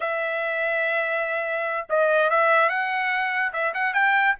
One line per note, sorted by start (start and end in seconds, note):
0.00 1.87 E5
1.89 2.30 D#5
2.30 2.69 E5
2.69 3.52 F#5
3.52 3.73 E5
3.74 3.93 F#5
3.93 4.35 G5